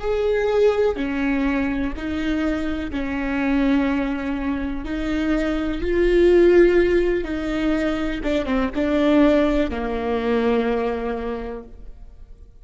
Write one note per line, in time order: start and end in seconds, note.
0.00 0.96 G#4
0.96 1.93 C#4
1.96 2.91 D#4
2.91 4.84 C#4
4.84 5.81 D#4
5.81 7.24 F4
7.24 8.20 D#4
8.23 8.45 D4
8.45 8.69 C4
8.74 9.70 D4
9.70 11.63 A#3